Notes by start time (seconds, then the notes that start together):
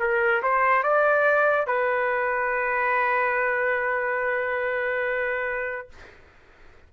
0.00 A#4
0.42 C5
0.83 D5
1.67 B4